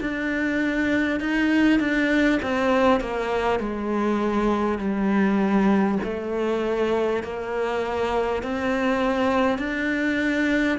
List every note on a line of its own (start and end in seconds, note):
0.00 1.20 D4
1.20 1.79 D#4
1.79 2.39 D4
2.42 3.00 C4
3.00 3.59 A#3
3.59 4.78 G#3
4.78 5.98 G3
6.03 7.23 A3
7.23 8.42 A#3
8.42 9.58 C4
9.58 10.78 D4